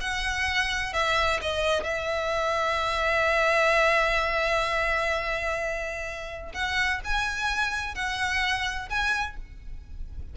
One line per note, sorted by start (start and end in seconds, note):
0.00 0.93 F#5
0.93 1.40 E5
1.41 1.83 D#5
1.83 6.52 E5
6.53 7.00 F#5
7.04 7.95 G#5
7.95 8.88 F#5
8.89 9.36 G#5